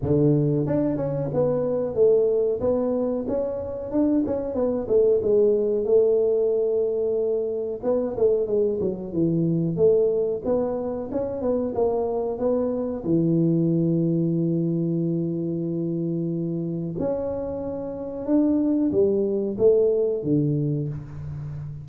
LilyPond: \new Staff \with { instrumentName = "tuba" } { \time 4/4 \tempo 4 = 92 d4 d'8 cis'8 b4 a4 | b4 cis'4 d'8 cis'8 b8 a8 | gis4 a2. | b8 a8 gis8 fis8 e4 a4 |
b4 cis'8 b8 ais4 b4 | e1~ | e2 cis'2 | d'4 g4 a4 d4 | }